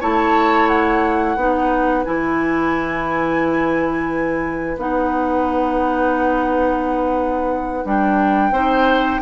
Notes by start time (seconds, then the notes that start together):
0.00 A3 E4 C#5 A5
0.68 F#5
1.36 B3 D#4 B4
2.05 E3 E4 G#5
4.77 B3 D#4 F#5
7.85 G3 D4 G5
8.51 C4 D#4 C5